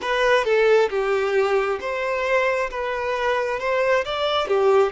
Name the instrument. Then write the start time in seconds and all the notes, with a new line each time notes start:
violin
0.01 B4
0.44 A4
0.89 G4
1.80 C5
2.70 B4
3.59 C5
4.04 D5
4.47 G4